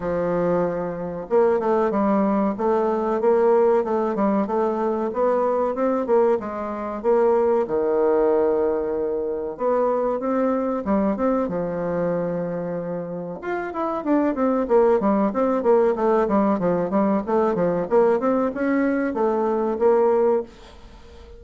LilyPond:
\new Staff \with { instrumentName = "bassoon" } { \time 4/4 \tempo 4 = 94 f2 ais8 a8 g4 | a4 ais4 a8 g8 a4 | b4 c'8 ais8 gis4 ais4 | dis2. b4 |
c'4 g8 c'8 f2~ | f4 f'8 e'8 d'8 c'8 ais8 g8 | c'8 ais8 a8 g8 f8 g8 a8 f8 | ais8 c'8 cis'4 a4 ais4 | }